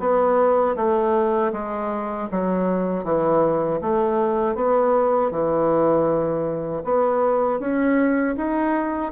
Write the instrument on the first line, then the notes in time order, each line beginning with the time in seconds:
bassoon
0.00 B3
0.76 A3
1.53 G#3
2.32 F#3
3.04 E3
3.81 A3
4.55 B3
5.31 E3
6.84 B3
7.60 C#4
8.37 D#4